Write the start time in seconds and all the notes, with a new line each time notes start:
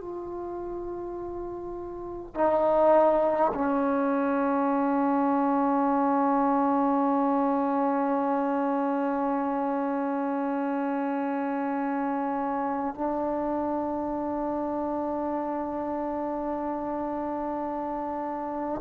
0.00 F4
2.35 D#4
3.54 C#4
12.95 D4